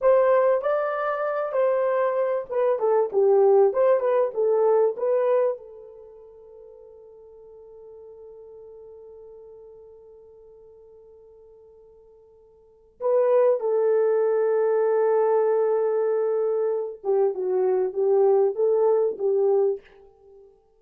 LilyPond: \new Staff \with { instrumentName = "horn" } { \time 4/4 \tempo 4 = 97 c''4 d''4. c''4. | b'8 a'8 g'4 c''8 b'8 a'4 | b'4 a'2.~ | a'1~ |
a'1~ | a'4 b'4 a'2~ | a'2.~ a'8 g'8 | fis'4 g'4 a'4 g'4 | }